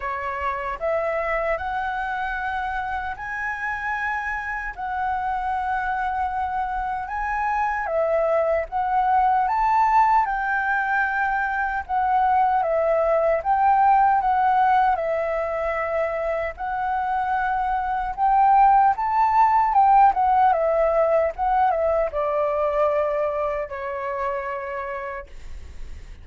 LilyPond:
\new Staff \with { instrumentName = "flute" } { \time 4/4 \tempo 4 = 76 cis''4 e''4 fis''2 | gis''2 fis''2~ | fis''4 gis''4 e''4 fis''4 | a''4 g''2 fis''4 |
e''4 g''4 fis''4 e''4~ | e''4 fis''2 g''4 | a''4 g''8 fis''8 e''4 fis''8 e''8 | d''2 cis''2 | }